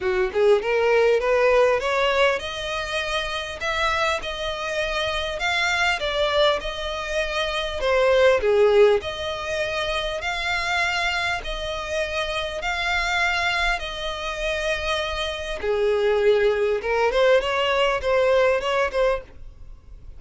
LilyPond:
\new Staff \with { instrumentName = "violin" } { \time 4/4 \tempo 4 = 100 fis'8 gis'8 ais'4 b'4 cis''4 | dis''2 e''4 dis''4~ | dis''4 f''4 d''4 dis''4~ | dis''4 c''4 gis'4 dis''4~ |
dis''4 f''2 dis''4~ | dis''4 f''2 dis''4~ | dis''2 gis'2 | ais'8 c''8 cis''4 c''4 cis''8 c''8 | }